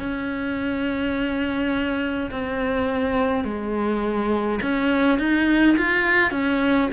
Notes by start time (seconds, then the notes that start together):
0.00 C#4
2.31 C4
3.45 G#3
4.63 C#4
5.19 D#4
5.77 F4
6.31 C#4